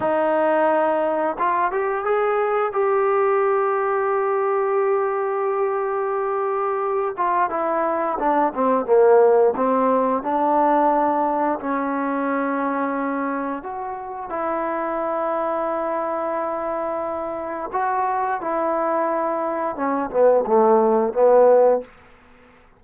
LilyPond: \new Staff \with { instrumentName = "trombone" } { \time 4/4 \tempo 4 = 88 dis'2 f'8 g'8 gis'4 | g'1~ | g'2~ g'8 f'8 e'4 | d'8 c'8 ais4 c'4 d'4~ |
d'4 cis'2. | fis'4 e'2.~ | e'2 fis'4 e'4~ | e'4 cis'8 b8 a4 b4 | }